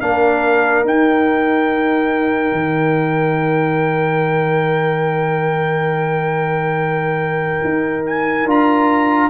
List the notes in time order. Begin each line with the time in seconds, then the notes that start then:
0.00 A#3 D4 A#4 F5
0.84 D#4 G5
2.51 D#3
7.64 D#4
8.06 G#5
8.46 D4 F4 A#5